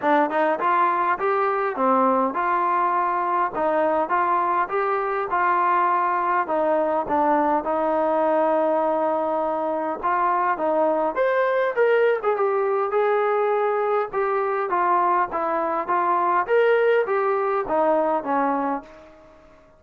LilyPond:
\new Staff \with { instrumentName = "trombone" } { \time 4/4 \tempo 4 = 102 d'8 dis'8 f'4 g'4 c'4 | f'2 dis'4 f'4 | g'4 f'2 dis'4 | d'4 dis'2.~ |
dis'4 f'4 dis'4 c''4 | ais'8. gis'16 g'4 gis'2 | g'4 f'4 e'4 f'4 | ais'4 g'4 dis'4 cis'4 | }